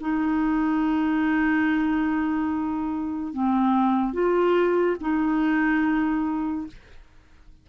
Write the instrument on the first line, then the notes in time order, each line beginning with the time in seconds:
clarinet
0.00 D#4
3.33 C4
4.13 F4
5.00 D#4